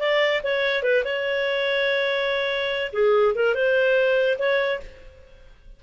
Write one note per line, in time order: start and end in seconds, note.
0.00 0.42 D5
0.44 0.83 C#5
0.83 1.04 B4
1.05 2.92 C#5
2.93 3.35 G#4
3.35 3.55 A#4
3.55 4.38 C5
4.39 4.80 C#5